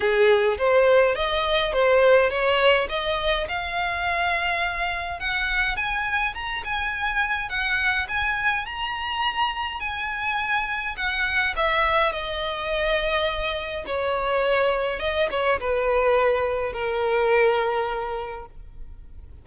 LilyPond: \new Staff \with { instrumentName = "violin" } { \time 4/4 \tempo 4 = 104 gis'4 c''4 dis''4 c''4 | cis''4 dis''4 f''2~ | f''4 fis''4 gis''4 ais''8 gis''8~ | gis''4 fis''4 gis''4 ais''4~ |
ais''4 gis''2 fis''4 | e''4 dis''2. | cis''2 dis''8 cis''8 b'4~ | b'4 ais'2. | }